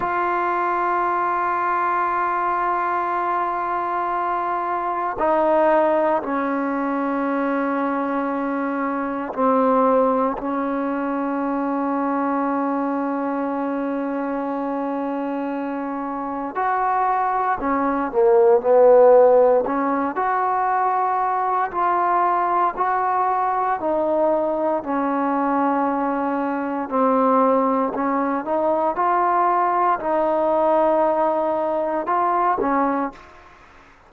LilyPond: \new Staff \with { instrumentName = "trombone" } { \time 4/4 \tempo 4 = 58 f'1~ | f'4 dis'4 cis'2~ | cis'4 c'4 cis'2~ | cis'1 |
fis'4 cis'8 ais8 b4 cis'8 fis'8~ | fis'4 f'4 fis'4 dis'4 | cis'2 c'4 cis'8 dis'8 | f'4 dis'2 f'8 cis'8 | }